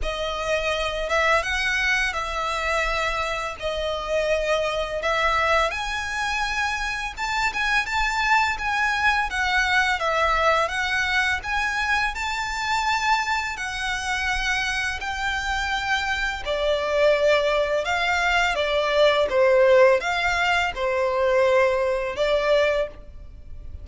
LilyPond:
\new Staff \with { instrumentName = "violin" } { \time 4/4 \tempo 4 = 84 dis''4. e''8 fis''4 e''4~ | e''4 dis''2 e''4 | gis''2 a''8 gis''8 a''4 | gis''4 fis''4 e''4 fis''4 |
gis''4 a''2 fis''4~ | fis''4 g''2 d''4~ | d''4 f''4 d''4 c''4 | f''4 c''2 d''4 | }